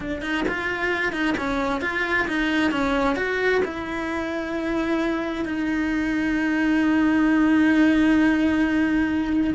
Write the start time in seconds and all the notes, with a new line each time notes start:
0.00 D4
0.21 D#4
0.48 F4
1.12 D#4
1.37 C#4
1.81 F4
2.27 D#4
2.71 C#4
3.16 F#4
3.64 E4
5.45 D#4